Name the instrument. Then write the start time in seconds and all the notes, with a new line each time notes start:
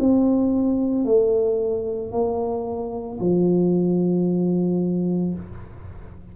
tuba
0.00 C4
1.05 A3
2.12 A#3
3.20 F3